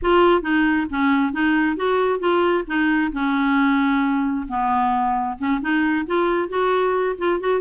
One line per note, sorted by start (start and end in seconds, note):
0.02 0.42 F4
0.42 0.86 D#4
0.90 1.32 C#4
1.32 1.76 D#4
1.76 2.19 F#4
2.19 2.64 F4
2.67 3.12 D#4
3.12 4.46 C#4
4.48 5.38 B3
5.38 5.61 C#4
5.61 6.05 D#4
6.06 6.48 F4
6.48 7.16 F#4
7.17 7.40 F4
7.40 7.60 F#4